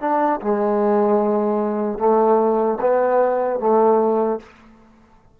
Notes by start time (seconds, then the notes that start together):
0.00 D4
0.41 G#3
1.98 A3
2.80 B3
3.59 A3